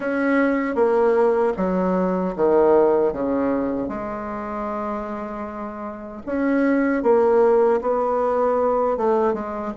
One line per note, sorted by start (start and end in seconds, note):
0.00 0.75 C#4
0.75 1.53 A#3
1.56 2.34 F#3
2.36 3.12 D#3
3.12 3.88 C#3
3.88 6.22 G#3
6.26 7.02 C#4
7.02 7.80 A#3
7.81 8.97 B3
8.97 9.33 A3
9.33 9.72 G#3